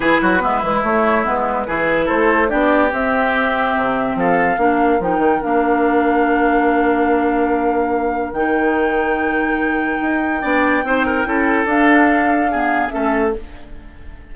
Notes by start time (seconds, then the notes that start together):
0.00 E3 E4 G#4 B4
0.21 F#3 F#4
0.40 G#3 B3 E4
0.62 E3 G#3
0.83 A3 C#5
1.24 G#3 B3 B4
1.66 E3 E4 G#4
2.05 A3 A4 C5
2.48 B3 D4 G4 D5
2.91 C4 E5
3.76 C3
4.15 F3 A4 F5
4.57 A#3 D4 A#4
4.99 F3 D#4 G5
5.18 D#3
5.41 A#3 D4 F5
8.32 D#3 D#4 G5
10.01 D#4
10.41 B3 D4 D5
10.83 C4 D#4 C5
11.06 A#4
11.24 C#4 E4 A4
11.64 D4 F5
12.51 B3 G#4
12.89 A3 C#4 A4 E5